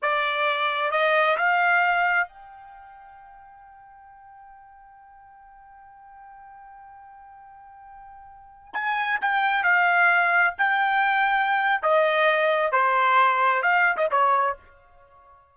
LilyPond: \new Staff \with { instrumentName = "trumpet" } { \time 4/4 \tempo 4 = 132 d''2 dis''4 f''4~ | f''4 g''2.~ | g''1~ | g''1~ |
g''2.~ g''16 gis''8.~ | gis''16 g''4 f''2 g''8.~ | g''2 dis''2 | c''2 f''8. dis''16 cis''4 | }